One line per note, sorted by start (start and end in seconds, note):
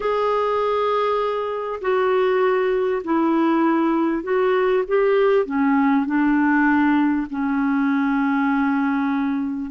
0.00 1.80 G#4
1.81 3.02 F#4
3.03 4.23 E4
4.23 4.83 F#4
4.87 5.45 G4
5.45 6.06 C#4
6.06 7.27 D4
7.30 9.70 C#4